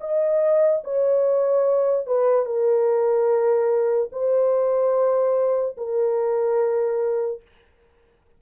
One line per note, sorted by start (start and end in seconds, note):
0.00 0.82 D#5
0.84 2.06 C#5
2.06 2.45 B4
2.45 4.09 A#4
4.12 5.76 C5
5.77 7.41 A#4